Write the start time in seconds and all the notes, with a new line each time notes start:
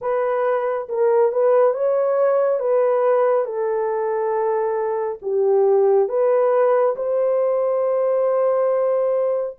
0.01 B4
0.89 A#4
1.32 B4
1.73 C#5
2.59 B4
3.45 A4
5.22 G4
6.08 B4
6.96 C5